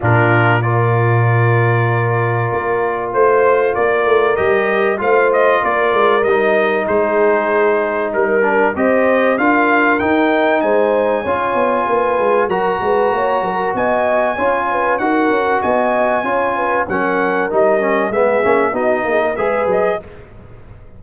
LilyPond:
<<
  \new Staff \with { instrumentName = "trumpet" } { \time 4/4 \tempo 4 = 96 ais'4 d''2.~ | d''4 c''4 d''4 dis''4 | f''8 dis''8 d''4 dis''4 c''4~ | c''4 ais'4 dis''4 f''4 |
g''4 gis''2. | ais''2 gis''2 | fis''4 gis''2 fis''4 | dis''4 e''4 dis''4 e''8 dis''8 | }
  \new Staff \with { instrumentName = "horn" } { \time 4/4 f'4 ais'2.~ | ais'4 c''4 ais'2 | c''4 ais'2 gis'4~ | gis'4 ais'4 c''4 ais'4~ |
ais'4 c''4 cis''4 b'4 | ais'8 b'8 cis''8 ais'8 dis''4 cis''8 b'8 | ais'4 dis''4 cis''8 b'8 ais'4~ | ais'4 gis'4 fis'8 gis'16 ais'16 b'4 | }
  \new Staff \with { instrumentName = "trombone" } { \time 4/4 d'4 f'2.~ | f'2. g'4 | f'2 dis'2~ | dis'4. d'8 g'4 f'4 |
dis'2 f'2 | fis'2. f'4 | fis'2 f'4 cis'4 | dis'8 cis'8 b8 cis'8 dis'4 gis'4 | }
  \new Staff \with { instrumentName = "tuba" } { \time 4/4 ais,1 | ais4 a4 ais8 a8 g4 | a4 ais8 gis8 g4 gis4~ | gis4 g4 c'4 d'4 |
dis'4 gis4 cis'8 b8 ais8 gis8 | fis8 gis8 ais8 fis8 b4 cis'4 | dis'8 cis'8 b4 cis'4 fis4 | g4 gis8 ais8 b8 ais8 gis8 fis8 | }
>>